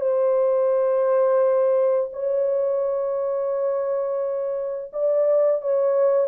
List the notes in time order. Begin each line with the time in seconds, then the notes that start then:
0.00 C5
2.12 C#5
4.92 D5
5.61 C#5